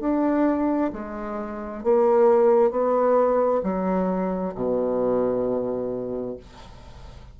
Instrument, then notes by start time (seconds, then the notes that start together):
bassoon
0.00 D4
0.92 G#3
1.83 A#3
2.71 B3
3.63 F#3
4.55 B2